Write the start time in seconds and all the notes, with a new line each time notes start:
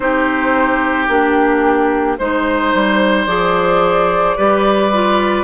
0.00 C4 D#4 G4 C5
1.08 A#3 D4 G4
2.18 G#3 D#4 C5
2.74 G3
3.26 F3 G#4 D5
4.36 G3 G4 B4
4.93 F4